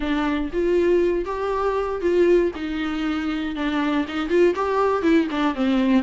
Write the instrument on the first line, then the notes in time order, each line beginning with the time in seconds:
viola
0.00 D4
0.52 F4
1.25 G4
2.01 F4
2.55 D#4
3.55 D4
4.08 D#4
4.29 F4
4.55 G4
5.02 E4
5.30 D4
5.54 C4